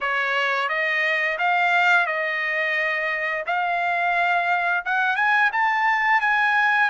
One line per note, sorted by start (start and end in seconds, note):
0.01 0.69 C#5
0.69 1.38 D#5
1.38 2.06 F5
2.06 3.44 D#5
3.46 4.84 F5
4.85 5.16 F#5
5.16 5.50 G#5
5.52 6.21 A5
6.21 6.90 G#5